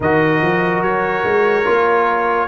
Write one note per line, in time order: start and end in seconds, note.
0.00 0.41 D#3
0.00 1.65 F#4
0.00 2.48 A#4
0.00 0.82 D#5
0.41 0.81 F3
0.81 1.23 F#3
0.81 2.48 C#5
1.24 1.65 G#3
1.65 2.48 A#3
1.65 2.48 F4